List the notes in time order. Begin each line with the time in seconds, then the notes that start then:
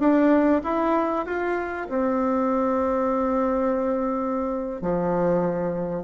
0.00 D4
0.64 E4
1.26 F4
1.90 C4
4.82 F3